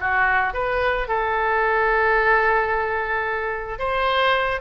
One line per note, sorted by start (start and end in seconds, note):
0.00 0.54 F#4
0.54 1.08 B4
1.08 3.79 A4
3.79 4.61 C5